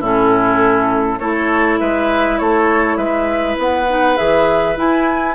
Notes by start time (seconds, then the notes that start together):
0.00 A2 C#4 E4 A4
1.19 A3 E4 A4 C#5
1.79 G#3 B4 E5
2.38 A3 A4 C#5
2.97 G#3 B4 E5
3.58 B3 F#5
3.87 D#4
4.16 E3 G#4 E5
4.75 E4 G#5